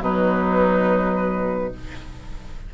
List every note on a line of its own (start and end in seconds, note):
0.00 1.71 B2
0.00 1.73 F#3
0.00 1.73 D#4
0.00 1.73 B4